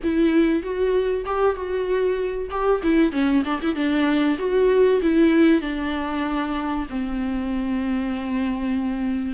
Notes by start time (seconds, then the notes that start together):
0.03 E4
0.62 F#4
1.25 G4
1.55 F#4
2.50 G4
2.82 E4
3.12 C#4
3.45 D4
3.61 E4
3.75 D4
4.38 F#4
5.02 E4
5.61 D4
6.89 C4